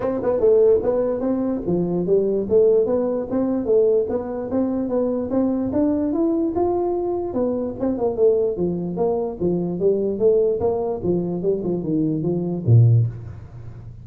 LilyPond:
\new Staff \with { instrumentName = "tuba" } { \time 4/4 \tempo 4 = 147 c'8 b8 a4 b4 c'4 | f4 g4 a4 b4 | c'4 a4 b4 c'4 | b4 c'4 d'4 e'4 |
f'2 b4 c'8 ais8 | a4 f4 ais4 f4 | g4 a4 ais4 f4 | g8 f8 dis4 f4 ais,4 | }